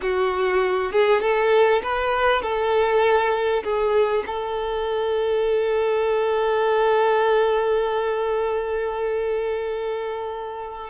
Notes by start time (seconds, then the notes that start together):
0.01 F#4
0.91 G#4
1.21 A4
1.83 B4
2.41 A4
3.63 G#4
4.26 A4